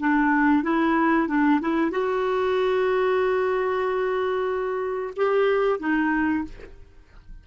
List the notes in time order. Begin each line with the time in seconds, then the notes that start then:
0.00 D4
0.64 E4
1.28 D4
1.61 E4
1.91 F#4
5.16 G4
5.80 D#4